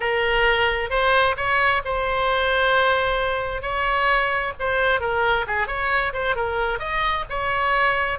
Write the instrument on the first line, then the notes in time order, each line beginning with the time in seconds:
oboe
0.00 A#4
0.90 C5
1.36 C#5
1.85 C5
3.61 C#5
4.59 C5
5.00 A#4
5.47 G#4
5.67 C#5
6.13 C5
6.35 A#4
6.79 D#5
7.29 C#5